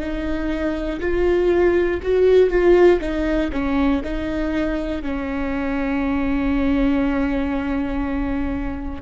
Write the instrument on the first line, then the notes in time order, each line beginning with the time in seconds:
viola
0.00 D#4
1.01 F4
2.03 F#4
2.50 F4
3.01 D#4
3.53 C#4
4.05 D#4
5.02 C#4